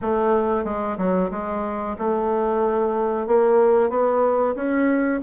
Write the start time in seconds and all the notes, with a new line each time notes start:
0.01 A3
0.64 G#3
0.97 F#3
1.30 G#3
1.98 A3
3.26 A#3
3.89 B3
4.55 C#4